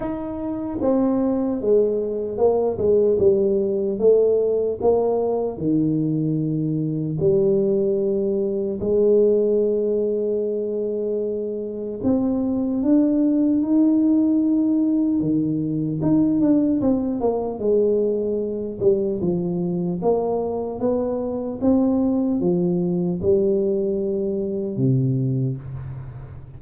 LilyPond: \new Staff \with { instrumentName = "tuba" } { \time 4/4 \tempo 4 = 75 dis'4 c'4 gis4 ais8 gis8 | g4 a4 ais4 dis4~ | dis4 g2 gis4~ | gis2. c'4 |
d'4 dis'2 dis4 | dis'8 d'8 c'8 ais8 gis4. g8 | f4 ais4 b4 c'4 | f4 g2 c4 | }